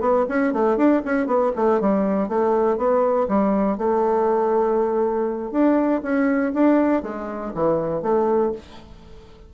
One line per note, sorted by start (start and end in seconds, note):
0.00 0.25 B3
0.28 0.53 C#4
0.53 0.77 A3
0.77 1.02 D4
1.05 1.26 C#4
1.26 1.51 B3
1.55 1.80 A3
1.80 2.28 G3
2.28 2.77 A3
2.77 3.27 B3
3.28 3.77 G3
3.77 5.51 A3
5.51 6.01 D4
6.02 6.52 C#4
6.53 7.02 D4
7.02 7.52 G#3
7.54 8.02 E3
8.02 8.52 A3